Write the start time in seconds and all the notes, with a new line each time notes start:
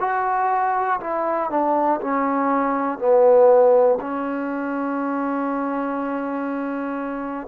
0.00 F#4
1.00 E4
1.50 D4
2.01 C#4
2.99 B3
4.00 C#4